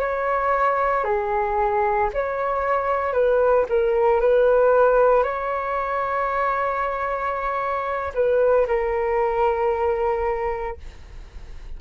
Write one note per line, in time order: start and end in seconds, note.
0.00 1.04 C#5
1.04 2.10 G#4
2.14 3.13 C#5
3.13 3.66 B4
3.69 4.21 A#4
4.21 5.23 B4
5.23 8.13 C#5
8.14 8.67 B4
8.67 10.78 A#4